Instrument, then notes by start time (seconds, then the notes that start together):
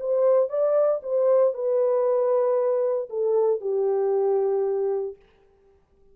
horn
0.00 C5
0.49 D5
1.03 C5
1.54 B4
3.10 A4
3.61 G4